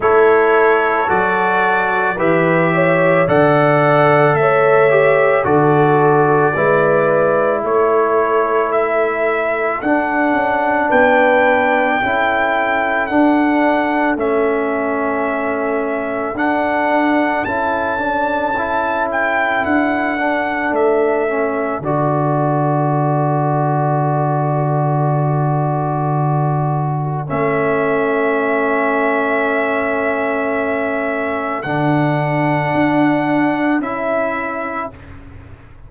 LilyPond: <<
  \new Staff \with { instrumentName = "trumpet" } { \time 4/4 \tempo 4 = 55 cis''4 d''4 e''4 fis''4 | e''4 d''2 cis''4 | e''4 fis''4 g''2 | fis''4 e''2 fis''4 |
a''4. g''8 fis''4 e''4 | d''1~ | d''4 e''2.~ | e''4 fis''2 e''4 | }
  \new Staff \with { instrumentName = "horn" } { \time 4/4 a'2 b'8 cis''8 d''4 | cis''4 a'4 b'4 a'4~ | a'2 b'4 a'4~ | a'1~ |
a'1~ | a'1~ | a'1~ | a'1 | }
  \new Staff \with { instrumentName = "trombone" } { \time 4/4 e'4 fis'4 g'4 a'4~ | a'8 g'8 fis'4 e'2~ | e'4 d'2 e'4 | d'4 cis'2 d'4 |
e'8 d'8 e'4. d'4 cis'8 | fis'1~ | fis'4 cis'2.~ | cis'4 d'2 e'4 | }
  \new Staff \with { instrumentName = "tuba" } { \time 4/4 a4 fis4 e4 d4 | a4 d4 gis4 a4~ | a4 d'8 cis'8 b4 cis'4 | d'4 a2 d'4 |
cis'2 d'4 a4 | d1~ | d4 a2.~ | a4 d4 d'4 cis'4 | }
>>